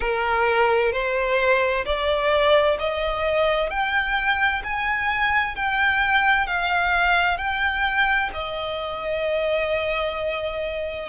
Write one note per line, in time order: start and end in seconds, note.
0.00 0.92 A#4
0.92 1.84 C5
1.85 2.77 D5
2.79 3.70 D#5
3.70 4.62 G5
4.63 5.55 G#5
5.55 6.46 G5
6.46 7.37 F5
7.37 8.30 G5
8.33 11.08 D#5